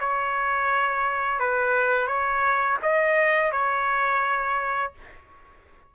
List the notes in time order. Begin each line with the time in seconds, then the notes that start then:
0.00 C#5
1.40 B4
2.07 C#5
2.82 D#5
3.51 C#5